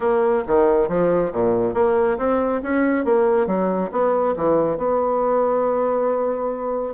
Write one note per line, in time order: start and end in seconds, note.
0.00 0.43 A#3
0.47 0.88 D#3
0.88 1.32 F3
1.32 1.74 A#2
1.74 2.17 A#3
2.18 2.61 C4
2.62 3.04 C#4
3.04 3.46 A#3
3.46 3.90 F#3
3.91 4.35 B3
4.36 4.77 E3
4.77 6.93 B3